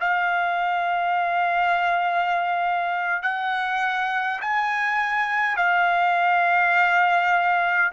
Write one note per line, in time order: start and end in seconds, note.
0.00 3.22 F5
3.22 4.40 F#5
4.41 5.56 G#5
5.56 7.91 F5